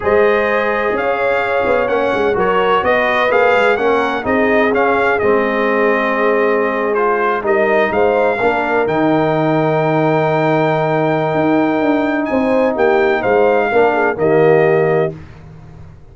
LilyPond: <<
  \new Staff \with { instrumentName = "trumpet" } { \time 4/4 \tempo 4 = 127 dis''2 f''2 | fis''4 cis''4 dis''4 f''4 | fis''4 dis''4 f''4 dis''4~ | dis''2~ dis''8. c''4 dis''16~ |
dis''8. f''2 g''4~ g''16~ | g''1~ | g''2 gis''4 g''4 | f''2 dis''2 | }
  \new Staff \with { instrumentName = "horn" } { \time 4/4 c''2 cis''2~ | cis''4 ais'4 b'2 | ais'4 gis'2.~ | gis'2.~ gis'8. ais'16~ |
ais'8. c''4 ais'2~ ais'16~ | ais'1~ | ais'2 c''4 g'4 | c''4 ais'8 gis'8 g'2 | }
  \new Staff \with { instrumentName = "trombone" } { \time 4/4 gis'1 | cis'4 fis'2 gis'4 | cis'4 dis'4 cis'4 c'4~ | c'2~ c'8. f'4 dis'16~ |
dis'4.~ dis'16 d'4 dis'4~ dis'16~ | dis'1~ | dis'1~ | dis'4 d'4 ais2 | }
  \new Staff \with { instrumentName = "tuba" } { \time 4/4 gis2 cis'4. b8 | ais8 gis8 fis4 b4 ais8 gis8 | ais4 c'4 cis'4 gis4~ | gis2.~ gis8. g16~ |
g8. gis4 ais4 dis4~ dis16~ | dis1 | dis'4 d'4 c'4 ais4 | gis4 ais4 dis2 | }
>>